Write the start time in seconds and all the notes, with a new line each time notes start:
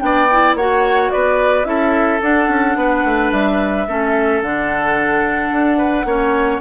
0.00 B3 D4 D5 G5
0.32 E4
0.55 A#3 F#4 C#5 F#5
1.11 B3 B4 D5
1.65 C#4 E4 A4 E5
2.22 D4 F#5
2.49 C#4
2.76 B3 B4
3.05 A3
3.32 G3 E5
3.88 A3 C#4 A4
4.42 D3 D4 F#5
5.52 D4
5.78 B4
6.05 A#3 C#4 C#5